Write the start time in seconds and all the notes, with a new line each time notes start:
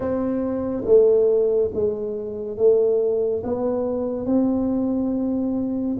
0.00 C4
0.85 A3
1.74 G#3
2.57 A3
3.43 B3
4.25 C4